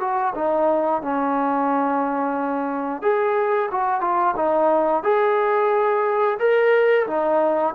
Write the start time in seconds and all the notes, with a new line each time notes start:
0.00 F#4
0.35 D#4
1.02 C#4
3.02 G#4
3.71 F#4
4.01 F4
4.36 D#4
5.03 G#4
6.39 A#4
7.07 D#4